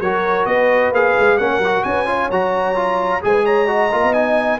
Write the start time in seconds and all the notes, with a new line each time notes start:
0.00 F#3 F#4 A#4 C#5
0.46 B3 B4 D#5
0.92 A#3 G#4 F5
1.19 G#3
1.38 A#3 C#4 A#4 F#5
1.58 F#3 F#4
1.84 C#4 B4 G#5
2.07 F4 C#5
2.31 F#3 F#4 A#5
2.76 F4
3.22 G#3 G#4 C5 G#5
3.33 B4
3.46 C#5 A#5
3.67 F#4 D#5
3.92 A#3 F4
4.04 B3
4.14 D#4 G#5